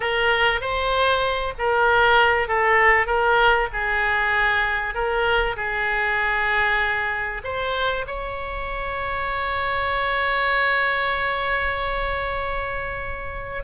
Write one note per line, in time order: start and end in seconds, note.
0.00 0.60 A#4
0.60 1.53 C5
1.58 2.47 A#4
2.47 3.06 A4
3.06 3.68 A#4
3.73 4.94 G#4
4.94 5.56 A#4
5.56 7.42 G#4
7.43 8.05 C5
8.06 13.63 C#5